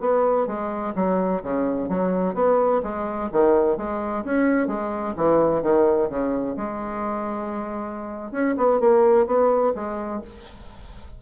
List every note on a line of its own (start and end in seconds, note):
0.00 0.47 B3
0.47 0.94 G#3
0.95 1.42 F#3
1.43 1.89 C#3
1.89 2.35 F#3
2.35 2.82 B3
2.83 3.30 G#3
3.32 3.77 D#3
3.77 4.24 G#3
4.24 4.67 C#4
4.67 5.14 G#3
5.17 5.63 E3
5.63 6.09 D#3
6.09 6.56 C#3
6.57 8.32 G#3
8.32 8.55 C#4
8.57 8.80 B3
8.80 9.26 A#3
9.26 9.73 B3
9.75 10.22 G#3